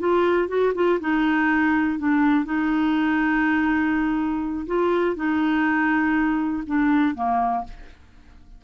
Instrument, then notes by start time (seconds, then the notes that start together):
clarinet
0.00 F4
0.49 F#4
0.75 F4
1.01 D#4
1.99 D4
2.45 D#4
4.67 F4
5.16 D#4
6.67 D4
7.15 A#3